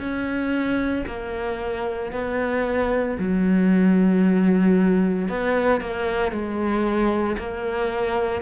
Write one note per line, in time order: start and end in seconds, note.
0.00 1.05 C#4
1.07 2.12 A#3
2.12 3.18 B3
3.19 5.29 F#3
5.29 5.81 B3
5.81 6.32 A#3
6.32 7.37 G#3
7.38 8.42 A#3